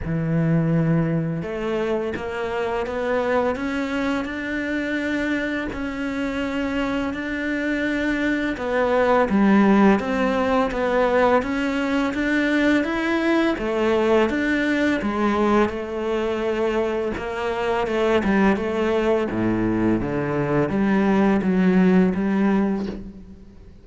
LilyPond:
\new Staff \with { instrumentName = "cello" } { \time 4/4 \tempo 4 = 84 e2 a4 ais4 | b4 cis'4 d'2 | cis'2 d'2 | b4 g4 c'4 b4 |
cis'4 d'4 e'4 a4 | d'4 gis4 a2 | ais4 a8 g8 a4 a,4 | d4 g4 fis4 g4 | }